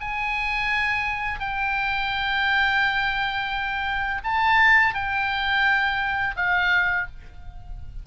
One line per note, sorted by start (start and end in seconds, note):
0.00 1.39 G#5
1.39 4.22 G5
4.24 4.94 A5
4.94 6.35 G5
6.36 7.06 F5